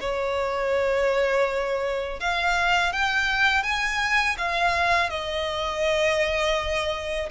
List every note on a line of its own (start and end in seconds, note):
0.00 2.20 C#5
2.20 2.92 F5
2.92 3.63 G5
3.63 4.36 G#5
4.38 5.10 F5
5.10 7.29 D#5